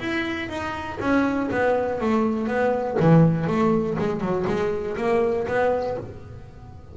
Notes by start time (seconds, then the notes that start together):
0.00 E4
0.49 D#4
1.00 C#4
1.51 B3
2.01 A3
2.48 B3
3.00 E3
3.47 A3
3.99 G#3
4.21 F#3
4.47 G#3
4.97 A#3
5.48 B3